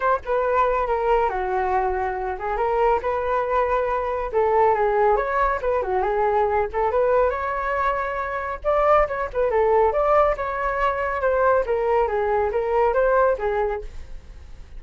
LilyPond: \new Staff \with { instrumentName = "flute" } { \time 4/4 \tempo 4 = 139 cis''8 b'4. ais'4 fis'4~ | fis'4. gis'8 ais'4 b'4~ | b'2 a'4 gis'4 | cis''4 b'8 fis'8 gis'4. a'8 |
b'4 cis''2. | d''4 cis''8 b'8 a'4 d''4 | cis''2 c''4 ais'4 | gis'4 ais'4 c''4 gis'4 | }